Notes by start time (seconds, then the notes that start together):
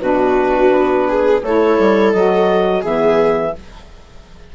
0.00 B2 D4 F#4 B4
0.71 B3
1.08 G#4
1.43 A3 E4 A4 C#5
1.79 G3
2.12 F#3 F#4 D#5
2.81 E3 B3 G#4 E5